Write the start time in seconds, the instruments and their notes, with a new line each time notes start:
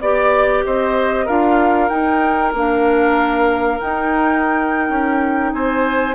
0.00 bassoon B3, clarinet G4, flute D5, oboe D5
0.65 bassoon C4, oboe C5, flute D#5
1.25 bassoon D4, clarinet F4, oboe A#4, flute F5
1.88 bassoon D#4, clarinet D#4, flute G5
2.53 bassoon A#3, clarinet D4, flute F5
3.79 clarinet D#4, bassoon D#4, flute G5
4.89 bassoon C#4
5.53 bassoon C4, oboe C5, flute G#5